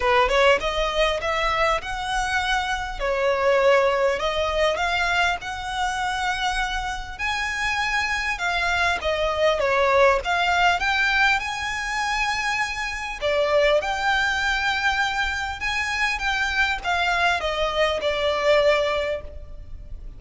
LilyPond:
\new Staff \with { instrumentName = "violin" } { \time 4/4 \tempo 4 = 100 b'8 cis''8 dis''4 e''4 fis''4~ | fis''4 cis''2 dis''4 | f''4 fis''2. | gis''2 f''4 dis''4 |
cis''4 f''4 g''4 gis''4~ | gis''2 d''4 g''4~ | g''2 gis''4 g''4 | f''4 dis''4 d''2 | }